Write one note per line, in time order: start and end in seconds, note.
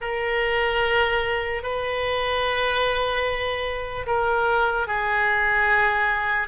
0.01 1.63 A#4
1.63 4.06 B4
4.06 4.86 A#4
4.86 6.47 G#4